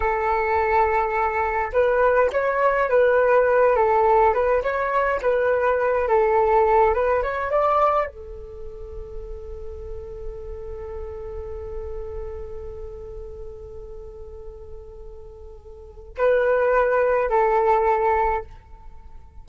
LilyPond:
\new Staff \with { instrumentName = "flute" } { \time 4/4 \tempo 4 = 104 a'2. b'4 | cis''4 b'4. a'4 b'8 | cis''4 b'4. a'4. | b'8 cis''8 d''4 a'2~ |
a'1~ | a'1~ | a'1 | b'2 a'2 | }